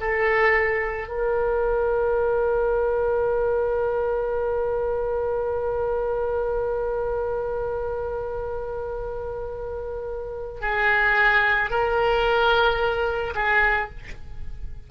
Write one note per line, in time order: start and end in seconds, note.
0.00 1.08 A4
1.08 10.61 A#4
10.61 11.70 G#4
11.70 13.33 A#4
13.34 13.89 G#4